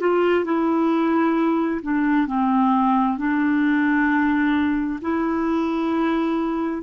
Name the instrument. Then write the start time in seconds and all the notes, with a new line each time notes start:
clarinet
0.00 F4
0.45 E4
1.82 D4
2.27 C4
3.18 D4
5.01 E4